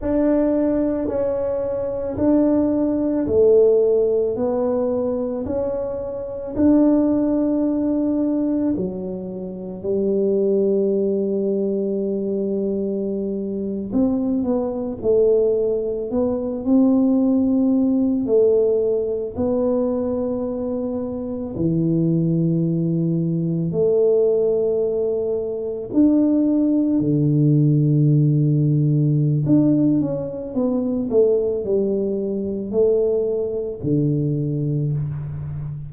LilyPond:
\new Staff \with { instrumentName = "tuba" } { \time 4/4 \tempo 4 = 55 d'4 cis'4 d'4 a4 | b4 cis'4 d'2 | fis4 g2.~ | g8. c'8 b8 a4 b8 c'8.~ |
c'8. a4 b2 e16~ | e4.~ e16 a2 d'16~ | d'8. d2~ d16 d'8 cis'8 | b8 a8 g4 a4 d4 | }